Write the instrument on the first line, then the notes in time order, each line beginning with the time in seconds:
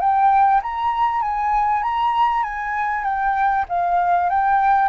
flute
0.00 G5
0.63 A#5
1.22 G#5
1.83 A#5
2.44 G#5
3.04 G5
3.69 F5
4.30 G5